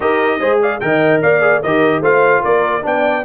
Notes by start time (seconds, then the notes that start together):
0.00 D#4 G4 A#4 D#5
0.39 G#3 G#4 C5
0.61 D5 F5
0.80 D#3 A#4 D#5 G5
1.22 A#3 D5 F5
1.41 G#4
1.62 D#3 G4 A#4 D#5
2.00 A3 F4 C5 F5
2.41 A#3 A#4 D5
2.82 B3 D4 D5 G5